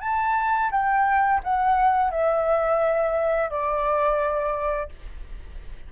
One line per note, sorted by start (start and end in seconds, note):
0.00 0.70 A5
0.71 1.40 G5
1.43 2.10 F#5
2.10 3.49 E5
3.49 4.89 D5